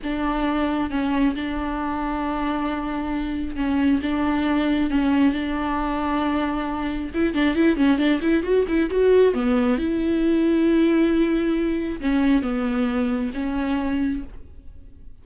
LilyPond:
\new Staff \with { instrumentName = "viola" } { \time 4/4 \tempo 4 = 135 d'2 cis'4 d'4~ | d'1 | cis'4 d'2 cis'4 | d'1 |
e'8 d'8 e'8 cis'8 d'8 e'8 fis'8 e'8 | fis'4 b4 e'2~ | e'2. cis'4 | b2 cis'2 | }